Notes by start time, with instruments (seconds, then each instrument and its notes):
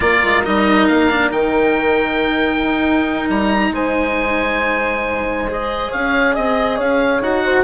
0.00 bassoon A#3, cello F4, horn A#4, oboe D5
0.23 bassoon G#3
0.44 bassoon G3, cello D#4, oboe D#5
0.87 bassoon A#3, oboe F5
1.10 cello D4
1.30 bassoon D#3, cello D#4, oboe G5
2.62 bassoon D#4
3.29 bassoon G3, oboe A#5
3.71 bassoon G#3, horn C5, oboe G#5
5.48 cello G#4, oboe D#5
5.89 bassoon C#4, horn C#5, oboe F5
6.33 bassoon C4, horn D#5, oboe D#5
6.76 bassoon C#4, horn C#5, oboe F5
7.21 bassoon D#4, cello F#4, oboe F#5
7.44 horn C5